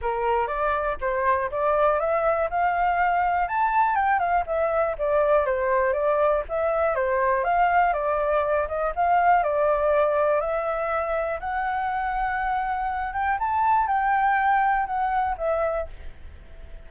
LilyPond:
\new Staff \with { instrumentName = "flute" } { \time 4/4 \tempo 4 = 121 ais'4 d''4 c''4 d''4 | e''4 f''2 a''4 | g''8 f''8 e''4 d''4 c''4 | d''4 e''4 c''4 f''4 |
d''4. dis''8 f''4 d''4~ | d''4 e''2 fis''4~ | fis''2~ fis''8 g''8 a''4 | g''2 fis''4 e''4 | }